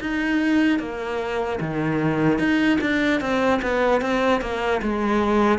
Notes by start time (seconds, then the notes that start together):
0.00 D#4
0.79 A#3
1.60 D#3
2.39 D#4
2.80 D4
3.20 C4
3.61 B3
4.01 C4
4.41 A#3
4.81 G#3